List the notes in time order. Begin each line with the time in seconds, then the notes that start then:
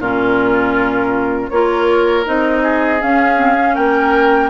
0.00 A#2 C#4 F4 A#4
1.50 A#3 F4 A#4 C#5
2.25 C4 D#4 D#5
2.63 G#4
3.01 C#4 F5
3.37 C4
3.59 C#4
3.75 A#3 A#4 G5